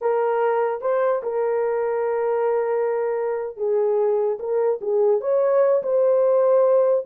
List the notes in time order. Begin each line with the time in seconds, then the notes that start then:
0.01 A#4
0.81 C5
1.22 A#4
3.57 G#4
4.39 A#4
4.81 G#4
5.21 C#5
5.83 C5